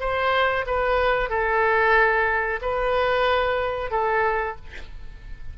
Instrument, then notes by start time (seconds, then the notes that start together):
oboe
0.00 C5
0.66 B4
1.30 A4
2.62 B4
3.91 A4